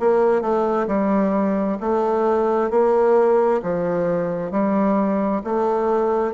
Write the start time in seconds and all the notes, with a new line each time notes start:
0.00 A#3
0.42 A3
0.88 G3
1.81 A3
2.71 A#3
3.63 F3
4.52 G3
5.45 A3